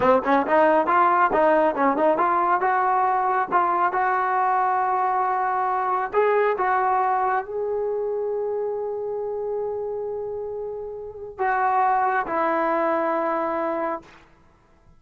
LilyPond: \new Staff \with { instrumentName = "trombone" } { \time 4/4 \tempo 4 = 137 c'8 cis'8 dis'4 f'4 dis'4 | cis'8 dis'8 f'4 fis'2 | f'4 fis'2.~ | fis'2 gis'4 fis'4~ |
fis'4 gis'2.~ | gis'1~ | gis'2 fis'2 | e'1 | }